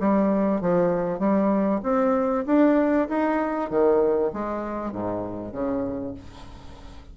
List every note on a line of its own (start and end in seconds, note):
0.00 0.61 G3
0.61 1.19 F3
1.19 1.81 G3
1.83 2.45 C4
2.46 3.08 D4
3.08 3.70 D#4
3.70 4.32 D#3
4.33 4.92 G#3
4.92 5.52 G#2
5.52 6.14 C#3